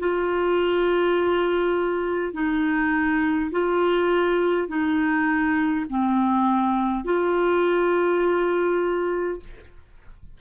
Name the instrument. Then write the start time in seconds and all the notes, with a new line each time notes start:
clarinet
0.00 F4
2.34 D#4
3.51 F4
4.68 D#4
5.89 C4
7.05 F4